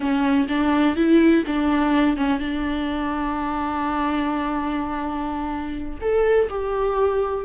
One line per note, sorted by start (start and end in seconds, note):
0.00 0.47 C#4
0.48 0.96 D4
0.96 1.44 E4
1.47 2.16 D4
2.16 2.39 C#4
2.39 5.99 D4
6.01 6.49 A4
6.49 7.44 G4